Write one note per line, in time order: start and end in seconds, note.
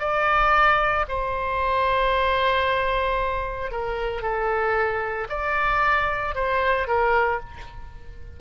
0.00 1.05 D5
1.09 3.71 C5
3.71 4.22 A#4
4.22 5.28 A4
5.30 6.35 D5
6.35 6.88 C5
6.88 7.40 A#4